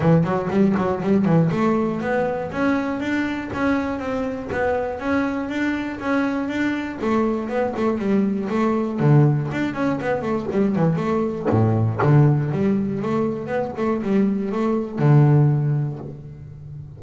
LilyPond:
\new Staff \with { instrumentName = "double bass" } { \time 4/4 \tempo 4 = 120 e8 fis8 g8 fis8 g8 e8 a4 | b4 cis'4 d'4 cis'4 | c'4 b4 cis'4 d'4 | cis'4 d'4 a4 b8 a8 |
g4 a4 d4 d'8 cis'8 | b8 a8 g8 e8 a4 a,4 | d4 g4 a4 b8 a8 | g4 a4 d2 | }